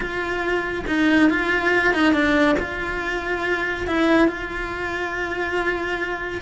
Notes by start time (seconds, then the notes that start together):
0.00 F4
0.87 D#4
1.30 F4
1.93 D#4
2.13 D4
2.59 F4
3.87 E4
4.28 F4